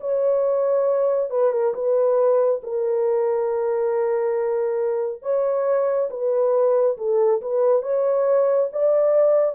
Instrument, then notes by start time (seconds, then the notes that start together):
horn
0.00 C#5
1.30 B4
1.52 A#4
1.74 B4
2.63 A#4
5.23 C#5
6.10 B4
6.98 A4
7.42 B4
7.82 C#5
8.72 D5